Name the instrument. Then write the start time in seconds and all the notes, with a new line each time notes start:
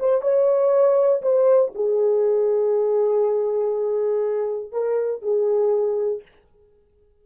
horn
0.00 C5
0.22 C#5
1.22 C5
1.75 G#4
4.72 A#4
5.22 G#4